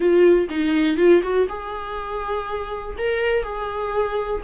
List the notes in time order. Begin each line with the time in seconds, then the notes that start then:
0.00 F4
0.49 D#4
0.97 F4
1.22 F#4
1.48 G#4
2.98 A#4
3.43 G#4